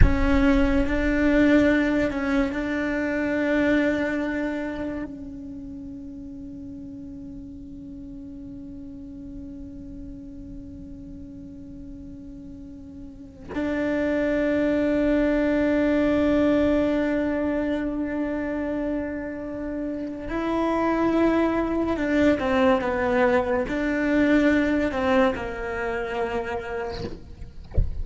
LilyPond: \new Staff \with { instrumentName = "cello" } { \time 4/4 \tempo 4 = 71 cis'4 d'4. cis'8 d'4~ | d'2 cis'2~ | cis'1~ | cis'1 |
d'1~ | d'1 | e'2 d'8 c'8 b4 | d'4. c'8 ais2 | }